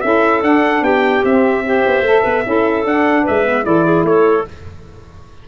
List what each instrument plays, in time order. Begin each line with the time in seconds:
0.00 tuba C#4, saxophone E4, clarinet A4, trumpet E5
0.42 tuba D4, saxophone D4, trumpet F#5
0.81 tuba B3, clarinet G4, trumpet G5
1.23 tuba C4, saxophone C4, trumpet E5
1.64 saxophone G4, clarinet C5
1.86 tuba B3
2.01 tuba A3, saxophone A4
2.22 tuba B3, clarinet B4
2.43 tuba C#4, saxophone E4, clarinet A4
2.84 tuba D4, saxophone D4, trumpet F#5
3.23 tuba G#3, clarinet B4, trumpet E5
3.44 saxophone B3
3.63 tuba E3, saxophone E4, clarinet A4, trumpet D5
3.85 clarinet G#4
4.03 tuba A3, clarinet A4, trumpet C#5